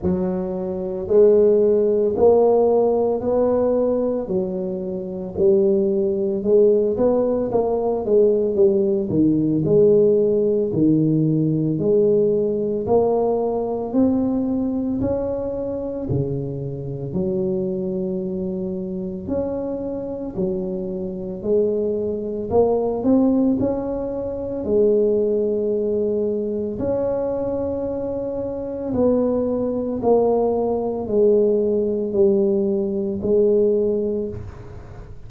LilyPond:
\new Staff \with { instrumentName = "tuba" } { \time 4/4 \tempo 4 = 56 fis4 gis4 ais4 b4 | fis4 g4 gis8 b8 ais8 gis8 | g8 dis8 gis4 dis4 gis4 | ais4 c'4 cis'4 cis4 |
fis2 cis'4 fis4 | gis4 ais8 c'8 cis'4 gis4~ | gis4 cis'2 b4 | ais4 gis4 g4 gis4 | }